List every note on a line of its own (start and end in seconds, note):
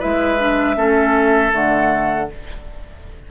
0.00 0.77 G#3
0.00 0.38 E4
0.00 0.76 B4
0.00 1.54 E5
0.39 0.76 D4
0.76 1.53 A3
0.76 1.51 C#4
0.76 2.30 A4
1.51 2.30 D3
1.51 2.27 A3
1.51 2.31 F#5